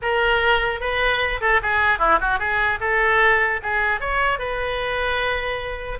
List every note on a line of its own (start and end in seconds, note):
0.01 0.80 A#4
0.80 1.40 B4
1.40 1.60 A4
1.62 1.98 G#4
1.98 2.18 E4
2.20 2.39 F#4
2.39 2.79 G#4
2.80 3.60 A4
3.62 4.00 G#4
4.00 4.38 C#5
4.38 5.98 B4